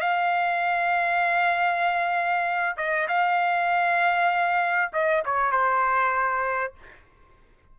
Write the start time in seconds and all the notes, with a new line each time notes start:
0.00 F5
2.77 D#5
3.08 F5
4.92 D#5
5.25 C#5
5.51 C5